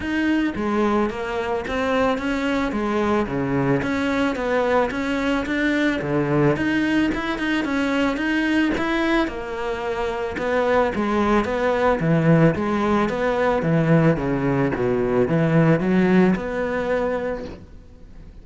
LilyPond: \new Staff \with { instrumentName = "cello" } { \time 4/4 \tempo 4 = 110 dis'4 gis4 ais4 c'4 | cis'4 gis4 cis4 cis'4 | b4 cis'4 d'4 d4 | dis'4 e'8 dis'8 cis'4 dis'4 |
e'4 ais2 b4 | gis4 b4 e4 gis4 | b4 e4 cis4 b,4 | e4 fis4 b2 | }